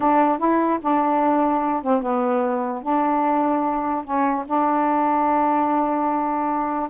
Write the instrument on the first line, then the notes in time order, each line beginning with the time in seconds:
saxophone
0.00 D4
0.38 E4
0.81 D4
1.82 C4
2.02 B3
2.82 D4
4.04 C#4
4.46 D4